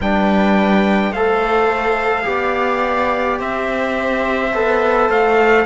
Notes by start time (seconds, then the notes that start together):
0.01 G3 D4 B4 G5
1.11 A3 A4 C5 F5
2.23 B3 G4 D5
3.39 C4 C5 E5
4.53 B3 A4
5.09 A3 F5